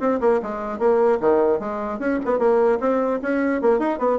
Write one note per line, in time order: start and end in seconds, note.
0.00 0.20 C4
0.20 0.40 A#3
0.42 0.78 G#3
0.78 1.18 A#3
1.20 1.59 D#3
1.59 1.99 G#3
1.99 2.19 C#4
2.25 2.39 B3
2.39 2.79 A#3
2.80 3.20 C4
3.22 3.61 C#4
3.61 3.79 A#3
3.79 3.99 D#4
3.99 4.19 B3